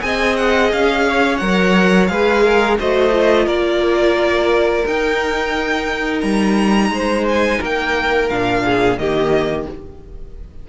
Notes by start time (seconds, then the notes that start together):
0.00 C4 G#4 D#5 G#5
0.36 F#5
0.72 C#4 F5
1.07 C#5
1.37 F#3 A#4 F#5
2.07 G#3 G#4 B4 F5
2.43 A#4
2.79 A3 F#4 C5 D#5
3.12 F4
3.45 A#3 A#4 D5
4.86 D#4 G5
6.20 G3 A#5
6.90 G#3 C5
7.28 G#5
7.59 A#3 A#4 G5
8.29 A#2 D4 F5
8.65 G#4
8.97 D#3 A#3 G4 D#5